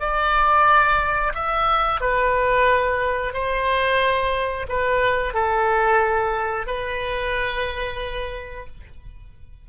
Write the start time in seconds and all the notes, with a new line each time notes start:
0.00 D5
1.35 E5
2.01 B4
3.34 C5
4.69 B4
5.34 A4
6.67 B4